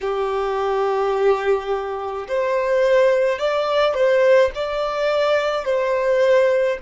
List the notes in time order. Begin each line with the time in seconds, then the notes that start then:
0.00 G4
2.27 C5
3.38 D5
3.94 C5
4.54 D5
5.64 C5